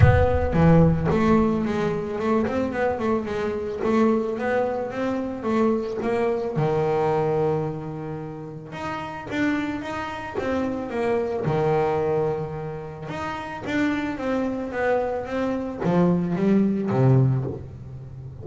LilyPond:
\new Staff \with { instrumentName = "double bass" } { \time 4/4 \tempo 4 = 110 b4 e4 a4 gis4 | a8 c'8 b8 a8 gis4 a4 | b4 c'4 a4 ais4 | dis1 |
dis'4 d'4 dis'4 c'4 | ais4 dis2. | dis'4 d'4 c'4 b4 | c'4 f4 g4 c4 | }